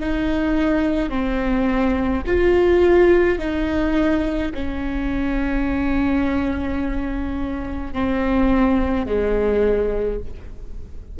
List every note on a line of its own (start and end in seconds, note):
0.00 1.10 D#4
1.10 2.23 C4
2.27 3.39 F4
3.39 4.52 D#4
4.54 7.93 C#4
7.93 9.06 C4
9.06 10.19 G#3